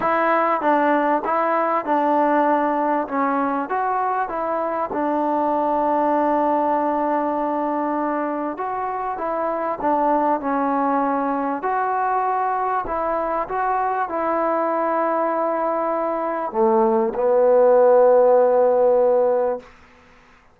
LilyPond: \new Staff \with { instrumentName = "trombone" } { \time 4/4 \tempo 4 = 98 e'4 d'4 e'4 d'4~ | d'4 cis'4 fis'4 e'4 | d'1~ | d'2 fis'4 e'4 |
d'4 cis'2 fis'4~ | fis'4 e'4 fis'4 e'4~ | e'2. a4 | b1 | }